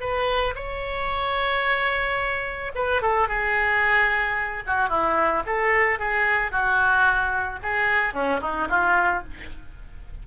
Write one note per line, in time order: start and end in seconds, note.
0.00 0.54 B4
0.55 2.71 C#5
2.74 3.01 B4
3.01 3.28 A4
3.28 4.63 G#4
4.66 4.89 F#4
4.89 5.43 E4
5.46 5.99 A4
5.99 6.51 G#4
6.51 7.59 F#4
7.62 8.13 G#4
8.13 8.40 C#4
8.41 8.68 D#4
8.69 9.23 F4